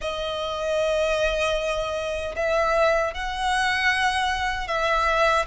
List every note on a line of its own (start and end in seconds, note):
0.01 2.35 D#5
2.36 3.13 E5
3.14 4.68 F#5
4.68 5.45 E5